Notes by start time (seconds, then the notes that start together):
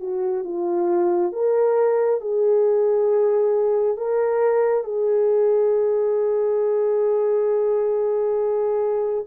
0.00 F#4
0.44 F4
1.33 A#4
2.21 G#4
3.97 A#4
4.84 G#4